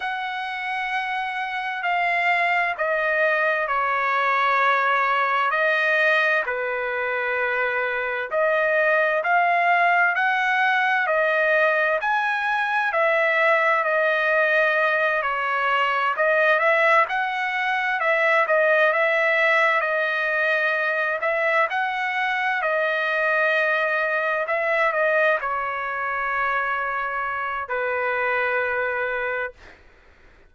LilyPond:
\new Staff \with { instrumentName = "trumpet" } { \time 4/4 \tempo 4 = 65 fis''2 f''4 dis''4 | cis''2 dis''4 b'4~ | b'4 dis''4 f''4 fis''4 | dis''4 gis''4 e''4 dis''4~ |
dis''8 cis''4 dis''8 e''8 fis''4 e''8 | dis''8 e''4 dis''4. e''8 fis''8~ | fis''8 dis''2 e''8 dis''8 cis''8~ | cis''2 b'2 | }